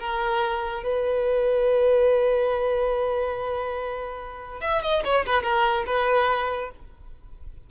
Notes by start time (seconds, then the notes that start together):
0.00 A#4
0.84 B4
4.61 E5
4.83 D#5
5.05 C#5
5.26 B4
5.43 A#4
5.87 B4